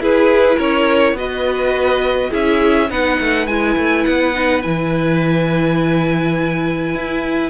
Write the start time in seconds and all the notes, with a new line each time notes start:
0.00 E4 G#4 B4
0.56 C#4 A#4 C#5
1.13 B3 F#4 B4 D#5
2.30 C#4 E4 G#4 E5
2.90 B3 D#4 B4 F#5
3.20 A3
3.47 G#3 E4 G#5
3.77 A3
4.04 B3 F#5
4.34 D#4
4.62 E3 E4 G#5
6.95 E4